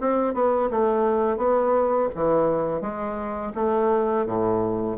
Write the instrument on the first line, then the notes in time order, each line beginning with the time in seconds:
bassoon
0.00 C4
0.33 B3
0.70 A3
1.37 B3
2.15 E3
2.81 G#3
3.55 A3
4.25 A2